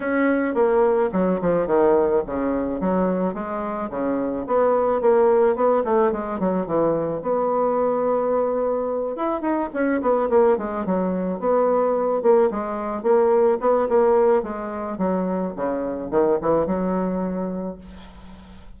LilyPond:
\new Staff \with { instrumentName = "bassoon" } { \time 4/4 \tempo 4 = 108 cis'4 ais4 fis8 f8 dis4 | cis4 fis4 gis4 cis4 | b4 ais4 b8 a8 gis8 fis8 | e4 b2.~ |
b8 e'8 dis'8 cis'8 b8 ais8 gis8 fis8~ | fis8 b4. ais8 gis4 ais8~ | ais8 b8 ais4 gis4 fis4 | cis4 dis8 e8 fis2 | }